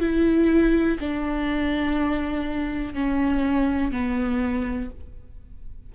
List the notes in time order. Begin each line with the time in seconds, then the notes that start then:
0.00 E4
1.00 D4
2.94 C#4
3.92 B3